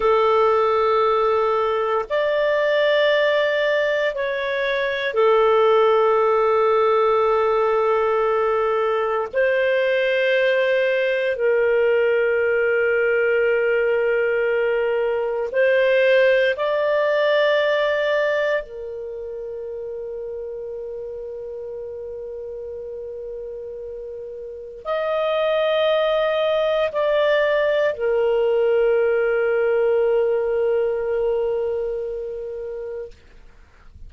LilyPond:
\new Staff \with { instrumentName = "clarinet" } { \time 4/4 \tempo 4 = 58 a'2 d''2 | cis''4 a'2.~ | a'4 c''2 ais'4~ | ais'2. c''4 |
d''2 ais'2~ | ais'1 | dis''2 d''4 ais'4~ | ais'1 | }